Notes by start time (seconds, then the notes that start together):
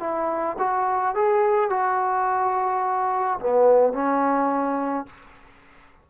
0.00 E4
0.59 F#4
1.15 G#4
1.70 F#4
3.40 B3
3.93 C#4